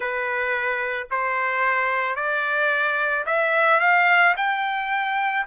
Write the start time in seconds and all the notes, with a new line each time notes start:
0.00 B4
1.11 C5
2.15 D5
3.26 E5
3.80 F5
4.36 G5